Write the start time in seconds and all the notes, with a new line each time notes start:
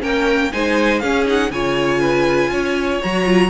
0.00 A#3 C#4 A#4 G5
0.51 G#3 D#4 C5 G#5
0.99 C#4 G#4 F5
1.25 D#4 F#5
1.50 C#3 F4 C#5 G#5
2.00 B4
2.51 C#4 C#5
3.02 F#3 F#4 A#5
3.24 F4